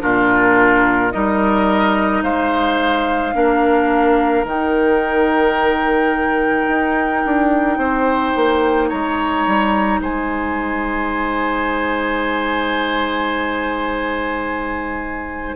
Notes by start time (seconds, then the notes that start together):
0.00 A#2 D4 F4 A#4
1.12 G3 D#4 A#4 D#5
2.23 G#3 C5 F5
3.34 A#3 D4 A#4
4.45 D#3 D#4 G5
6.68 D#4
7.26 D4
7.78 C4 C5
8.36 A#3
8.89 G#3 C#5 A#5
9.47 G3
10.00 G#3 C5 G#5